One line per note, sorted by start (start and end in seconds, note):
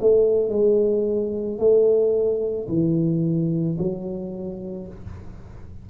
0.00 0.50 A3
0.50 1.58 G#3
1.58 2.67 A3
2.69 3.78 E3
3.78 4.87 F#3